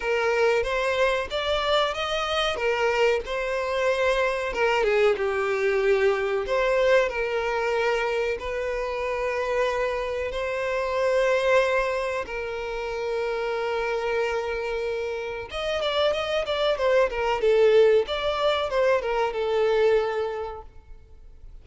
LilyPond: \new Staff \with { instrumentName = "violin" } { \time 4/4 \tempo 4 = 93 ais'4 c''4 d''4 dis''4 | ais'4 c''2 ais'8 gis'8 | g'2 c''4 ais'4~ | ais'4 b'2. |
c''2. ais'4~ | ais'1 | dis''8 d''8 dis''8 d''8 c''8 ais'8 a'4 | d''4 c''8 ais'8 a'2 | }